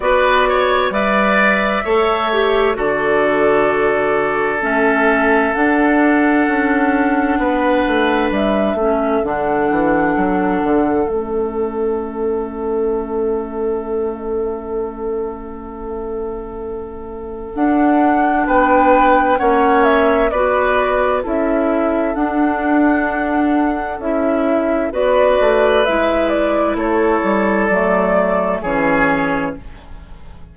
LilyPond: <<
  \new Staff \with { instrumentName = "flute" } { \time 4/4 \tempo 4 = 65 d''4 e''2 d''4~ | d''4 e''4 fis''2~ | fis''4 e''4 fis''2 | e''1~ |
e''2. fis''4 | g''4 fis''8 e''8 d''4 e''4 | fis''2 e''4 d''4 | e''8 d''8 cis''4 d''4 cis''4 | }
  \new Staff \with { instrumentName = "oboe" } { \time 4/4 b'8 cis''8 d''4 cis''4 a'4~ | a'1 | b'4. a'2~ a'8~ | a'1~ |
a'1 | b'4 cis''4 b'4 a'4~ | a'2. b'4~ | b'4 a'2 gis'4 | }
  \new Staff \with { instrumentName = "clarinet" } { \time 4/4 fis'4 b'4 a'8 g'8 fis'4~ | fis'4 cis'4 d'2~ | d'4. cis'8 d'2 | cis'1~ |
cis'2. d'4~ | d'4 cis'4 fis'4 e'4 | d'2 e'4 fis'4 | e'2 a4 cis'4 | }
  \new Staff \with { instrumentName = "bassoon" } { \time 4/4 b4 g4 a4 d4~ | d4 a4 d'4 cis'4 | b8 a8 g8 a8 d8 e8 fis8 d8 | a1~ |
a2. d'4 | b4 ais4 b4 cis'4 | d'2 cis'4 b8 a8 | gis4 a8 g8 fis4 e4 | }
>>